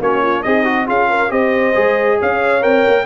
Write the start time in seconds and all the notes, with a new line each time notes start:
0.00 A#3 C#4 F#4 C#5
0.22 F4
0.43 C4 D#4 G#4 D#5
0.65 F#4
0.86 C#4 F4 G#4 F5
1.10 A#4
1.29 C4 G4 C5 D#5
1.74 G#3 G#4
2.19 C#4 C#5 F5
2.61 C4 A#4 G5
2.88 A#3